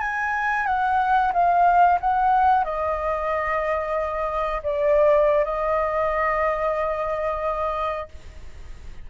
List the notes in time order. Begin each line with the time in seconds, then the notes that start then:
0.00 G#5
0.66 F#5
1.33 F5
2.00 F#5
2.64 D#5
4.63 D5
5.44 D#5